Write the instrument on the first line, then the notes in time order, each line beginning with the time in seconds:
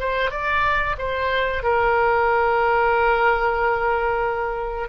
oboe
0.00 C5
0.31 D5
0.98 C5
1.63 A#4